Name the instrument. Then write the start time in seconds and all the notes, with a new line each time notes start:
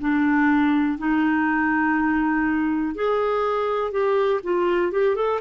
clarinet
0.00 D4
0.98 D#4
2.95 G#4
3.91 G4
4.43 F4
4.91 G4
5.15 A4